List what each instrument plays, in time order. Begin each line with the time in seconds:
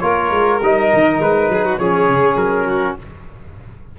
0.00 tuba A#3, trombone F4, violin A#4, trumpet C#5
0.31 tuba G#3
0.62 tuba G3, trombone D#4, trumpet D#5
0.94 tuba D#3
1.20 tuba G#3, trumpet B4
1.49 tuba F#3, violin G#4
1.65 violin F#4
1.78 tuba F3, trombone C#4, violin G#4, trumpet C#5
2.09 tuba C#3
2.36 tuba F#3, trumpet A#4
2.66 violin F#4